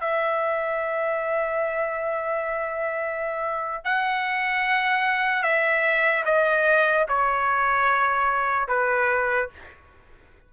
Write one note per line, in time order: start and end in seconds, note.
0.00 3.84 E5
3.84 5.43 F#5
5.43 6.24 E5
6.25 7.06 D#5
7.08 8.68 C#5
8.68 9.49 B4